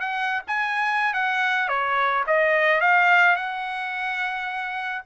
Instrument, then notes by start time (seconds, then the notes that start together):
trumpet
0.00 F#5
0.47 G#5
1.13 F#5
1.68 C#5
2.27 D#5
2.81 F5
3.36 F#5